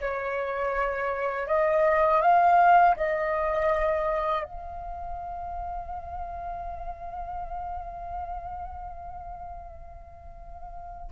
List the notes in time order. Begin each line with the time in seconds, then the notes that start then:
0.00 C#5
1.47 D#5
2.21 F5
2.96 D#5
4.44 F5